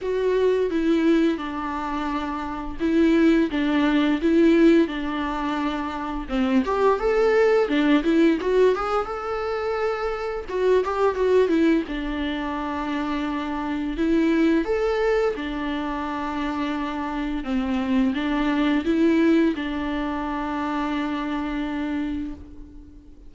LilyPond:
\new Staff \with { instrumentName = "viola" } { \time 4/4 \tempo 4 = 86 fis'4 e'4 d'2 | e'4 d'4 e'4 d'4~ | d'4 c'8 g'8 a'4 d'8 e'8 | fis'8 gis'8 a'2 fis'8 g'8 |
fis'8 e'8 d'2. | e'4 a'4 d'2~ | d'4 c'4 d'4 e'4 | d'1 | }